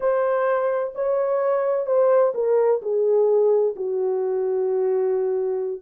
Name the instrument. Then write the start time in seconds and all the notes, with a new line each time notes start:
horn
0.00 C5
0.94 C#5
1.86 C5
2.34 A#4
2.81 G#4
3.75 F#4